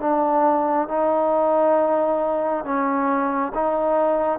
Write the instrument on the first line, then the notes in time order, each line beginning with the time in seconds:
trombone
0.00 D4
0.88 D#4
2.65 C#4
3.55 D#4